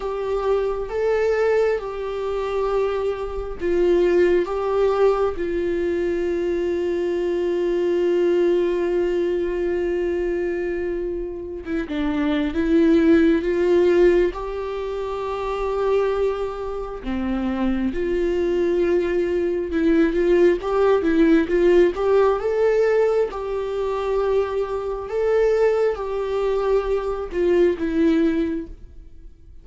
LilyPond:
\new Staff \with { instrumentName = "viola" } { \time 4/4 \tempo 4 = 67 g'4 a'4 g'2 | f'4 g'4 f'2~ | f'1~ | f'4 e'16 d'8. e'4 f'4 |
g'2. c'4 | f'2 e'8 f'8 g'8 e'8 | f'8 g'8 a'4 g'2 | a'4 g'4. f'8 e'4 | }